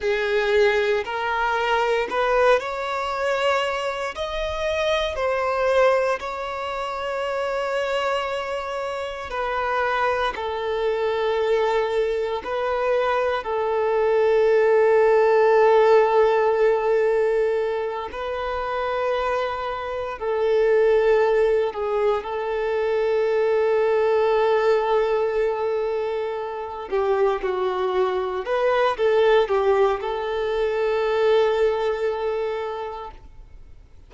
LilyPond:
\new Staff \with { instrumentName = "violin" } { \time 4/4 \tempo 4 = 58 gis'4 ais'4 b'8 cis''4. | dis''4 c''4 cis''2~ | cis''4 b'4 a'2 | b'4 a'2.~ |
a'4. b'2 a'8~ | a'4 gis'8 a'2~ a'8~ | a'2 g'8 fis'4 b'8 | a'8 g'8 a'2. | }